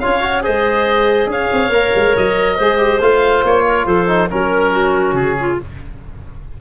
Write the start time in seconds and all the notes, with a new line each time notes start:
0.00 C#4 F4 C#5 F5
0.21 F#4
0.43 G#3 G#4 C5 D#5
1.27 C#4 C#5 F5
1.53 C4
1.69 A#3 A#4
1.95 G#3
2.17 F#3 D#5
2.56 G#3 G#4 C5
2.78 G4
3.01 A3 F4 F5
3.44 A#3 C#5
3.67 A#4
3.86 F3 A4 C5
4.08 D#4
4.30 F#3 C#4 A#4
4.72 F#4
5.13 C#3 G#4
5.40 F4